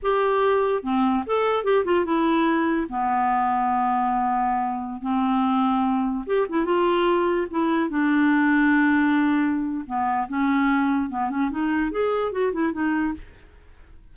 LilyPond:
\new Staff \with { instrumentName = "clarinet" } { \time 4/4 \tempo 4 = 146 g'2 c'4 a'4 | g'8 f'8 e'2 b4~ | b1~ | b16 c'2. g'8 e'16~ |
e'16 f'2 e'4 d'8.~ | d'1 | b4 cis'2 b8 cis'8 | dis'4 gis'4 fis'8 e'8 dis'4 | }